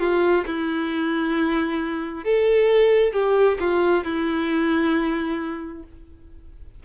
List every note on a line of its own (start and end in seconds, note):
0.00 0.45 F4
0.46 2.24 E4
2.24 3.13 A4
3.13 3.58 G4
3.60 4.05 F4
4.05 5.84 E4